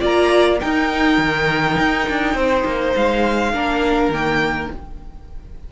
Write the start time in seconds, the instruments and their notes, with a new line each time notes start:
0.00 cello A#3, viola F4, violin D5 A#5
0.60 viola D#4, cello D#4, violin A#4 G5
1.18 cello D#3
1.79 cello D#4
2.09 cello D4
2.34 cello C4, violin C5
2.65 cello A#3
2.95 cello G#3, violin F5
3.53 cello A#3, viola D4, violin A#4
4.09 cello D#3, viola A#3, violin G5